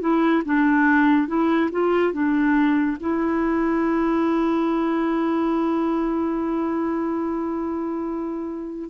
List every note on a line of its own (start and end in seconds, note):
0.00 0.42 E4
0.45 1.27 D4
1.27 1.69 E4
1.71 2.12 F4
2.12 2.97 D4
3.00 8.89 E4